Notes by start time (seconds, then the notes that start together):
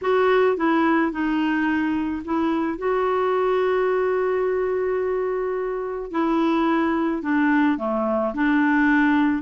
0.02 F#4
0.56 E4
1.11 D#4
2.24 E4
2.78 F#4
6.11 E4
7.22 D4
7.78 A3
8.33 D4